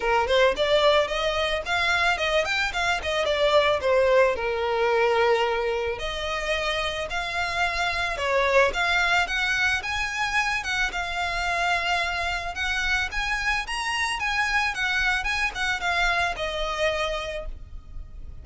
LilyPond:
\new Staff \with { instrumentName = "violin" } { \time 4/4 \tempo 4 = 110 ais'8 c''8 d''4 dis''4 f''4 | dis''8 g''8 f''8 dis''8 d''4 c''4 | ais'2. dis''4~ | dis''4 f''2 cis''4 |
f''4 fis''4 gis''4. fis''8 | f''2. fis''4 | gis''4 ais''4 gis''4 fis''4 | gis''8 fis''8 f''4 dis''2 | }